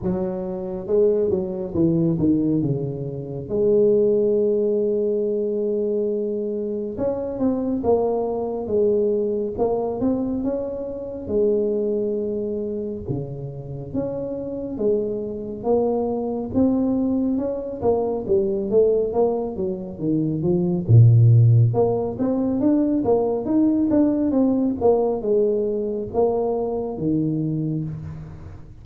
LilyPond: \new Staff \with { instrumentName = "tuba" } { \time 4/4 \tempo 4 = 69 fis4 gis8 fis8 e8 dis8 cis4 | gis1 | cis'8 c'8 ais4 gis4 ais8 c'8 | cis'4 gis2 cis4 |
cis'4 gis4 ais4 c'4 | cis'8 ais8 g8 a8 ais8 fis8 dis8 f8 | ais,4 ais8 c'8 d'8 ais8 dis'8 d'8 | c'8 ais8 gis4 ais4 dis4 | }